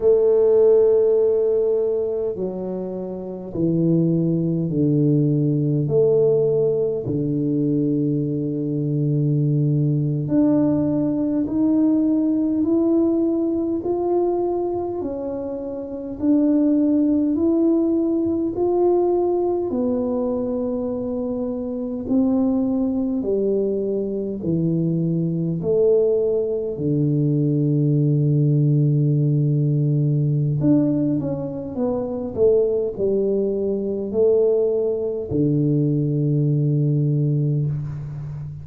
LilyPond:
\new Staff \with { instrumentName = "tuba" } { \time 4/4 \tempo 4 = 51 a2 fis4 e4 | d4 a4 d2~ | d8. d'4 dis'4 e'4 f'16~ | f'8. cis'4 d'4 e'4 f'16~ |
f'8. b2 c'4 g16~ | g8. e4 a4 d4~ d16~ | d2 d'8 cis'8 b8 a8 | g4 a4 d2 | }